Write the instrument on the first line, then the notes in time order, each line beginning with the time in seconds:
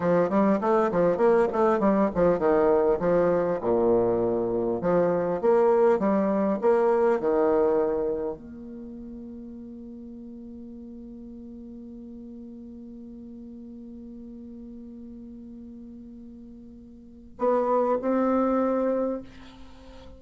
bassoon
0.00 F3
0.29 G3
0.60 A3
0.91 F3
1.17 A#3
1.52 A3
1.79 G3
2.14 F3
2.38 D#3
2.99 F3
3.61 A#2
4.81 F3
5.41 A#3
5.99 G3
6.61 A#3
7.19 D#3
8.37 A#3
17.38 B3
18.01 C4